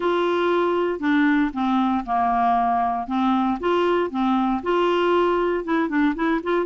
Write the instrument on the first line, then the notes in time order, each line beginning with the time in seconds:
clarinet
0.00 F4
0.99 D4
1.53 C4
2.05 A#3
3.07 C4
3.60 F4
4.10 C4
4.62 F4
5.64 E4
5.88 D4
6.15 E4
6.43 F4